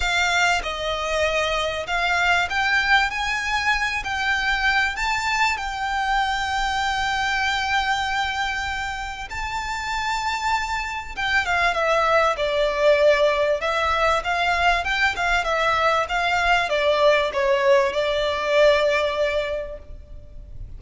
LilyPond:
\new Staff \with { instrumentName = "violin" } { \time 4/4 \tempo 4 = 97 f''4 dis''2 f''4 | g''4 gis''4. g''4. | a''4 g''2.~ | g''2. a''4~ |
a''2 g''8 f''8 e''4 | d''2 e''4 f''4 | g''8 f''8 e''4 f''4 d''4 | cis''4 d''2. | }